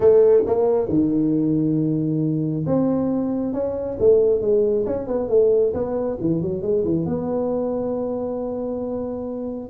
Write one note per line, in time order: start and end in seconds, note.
0.00 0.43 A3
0.46 0.88 A#3
0.88 2.65 D#3
2.66 3.53 C4
3.53 3.97 C#4
3.99 4.41 A3
4.41 4.85 G#3
4.86 5.07 C#4
5.07 5.29 B3
5.29 5.73 A3
5.73 6.17 B3
6.20 6.41 E3
6.41 6.62 F#3
6.62 6.84 G#3
6.84 7.05 E3
7.05 9.69 B3